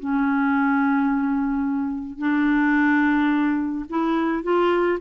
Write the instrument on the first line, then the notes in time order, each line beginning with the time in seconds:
clarinet
0.00 C#4
2.19 D4
3.90 E4
4.43 F4